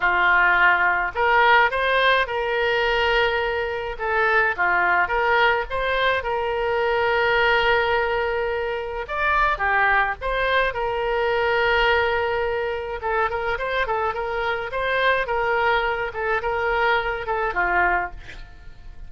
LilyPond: \new Staff \with { instrumentName = "oboe" } { \time 4/4 \tempo 4 = 106 f'2 ais'4 c''4 | ais'2. a'4 | f'4 ais'4 c''4 ais'4~ | ais'1 |
d''4 g'4 c''4 ais'4~ | ais'2. a'8 ais'8 | c''8 a'8 ais'4 c''4 ais'4~ | ais'8 a'8 ais'4. a'8 f'4 | }